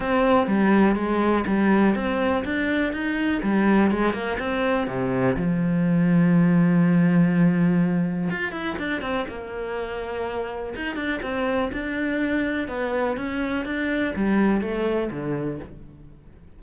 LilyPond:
\new Staff \with { instrumentName = "cello" } { \time 4/4 \tempo 4 = 123 c'4 g4 gis4 g4 | c'4 d'4 dis'4 g4 | gis8 ais8 c'4 c4 f4~ | f1~ |
f4 f'8 e'8 d'8 c'8 ais4~ | ais2 dis'8 d'8 c'4 | d'2 b4 cis'4 | d'4 g4 a4 d4 | }